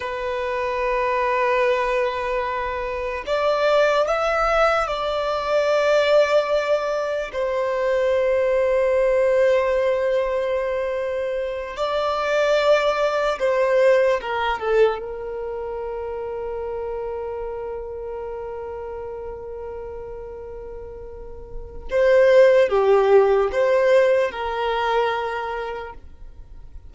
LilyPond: \new Staff \with { instrumentName = "violin" } { \time 4/4 \tempo 4 = 74 b'1 | d''4 e''4 d''2~ | d''4 c''2.~ | c''2~ c''8 d''4.~ |
d''8 c''4 ais'8 a'8 ais'4.~ | ais'1~ | ais'2. c''4 | g'4 c''4 ais'2 | }